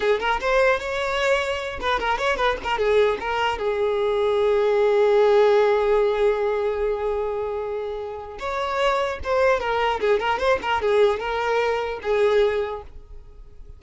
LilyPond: \new Staff \with { instrumentName = "violin" } { \time 4/4 \tempo 4 = 150 gis'8 ais'8 c''4 cis''2~ | cis''8 b'8 ais'8 cis''8 b'8 ais'8 gis'4 | ais'4 gis'2.~ | gis'1~ |
gis'1~ | gis'4 cis''2 c''4 | ais'4 gis'8 ais'8 c''8 ais'8 gis'4 | ais'2 gis'2 | }